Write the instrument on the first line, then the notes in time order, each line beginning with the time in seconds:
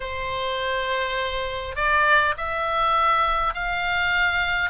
oboe
0.00 C5
1.75 D5
2.37 E5
3.53 F5